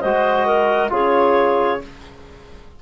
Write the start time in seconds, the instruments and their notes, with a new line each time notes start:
0.00 bassoon G#3, trombone F#4, clarinet C5 D#5
0.45 clarinet A#4
0.89 bassoon C#3, trombone F4, clarinet G#4 C#5